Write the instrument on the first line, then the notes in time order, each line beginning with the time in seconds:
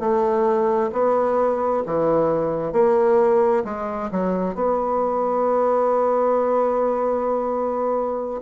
bassoon
0.00 A3
0.93 B3
1.86 E3
2.73 A#3
3.65 G#3
4.12 F#3
4.55 B3